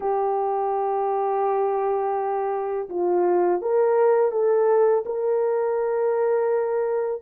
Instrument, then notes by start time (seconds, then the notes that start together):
horn
0.00 G4
2.89 F4
3.61 A#4
4.31 A4
5.05 A#4